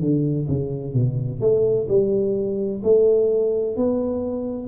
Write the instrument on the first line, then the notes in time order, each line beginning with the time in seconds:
tuba
0.00 D3
0.48 C#3
0.94 B2
1.40 A3
1.88 G3
2.83 A3
3.76 B3